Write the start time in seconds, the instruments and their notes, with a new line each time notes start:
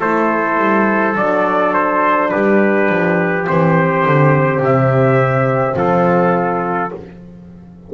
0.00 double bass A3, horn E4, trumpet A4 C5
0.58 double bass G3
1.16 double bass F#3, horn D4, trumpet D5
1.74 trumpet C5
2.30 double bass G3, trumpet G4 B4
2.90 double bass F3
3.45 double bass E3, horn C4, trumpet C5
4.06 double bass D3
4.60 double bass C3, trumpet E5
5.76 double bass F3, trumpet F4 A4